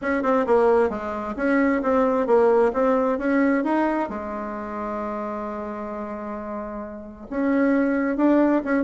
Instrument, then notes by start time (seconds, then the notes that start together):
bassoon
0.01 C#4
0.23 C4
0.46 A#3
0.89 G#3
1.36 C#4
1.82 C4
2.26 A#3
2.73 C4
3.18 C#4
3.64 D#4
4.09 G#3
7.30 C#4
8.16 D4
8.64 C#4